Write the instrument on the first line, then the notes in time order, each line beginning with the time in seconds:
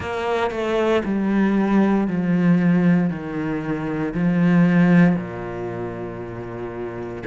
cello
0.00 A#3
0.50 A3
1.04 G3
2.07 F3
3.10 D#3
4.14 F3
5.16 A#2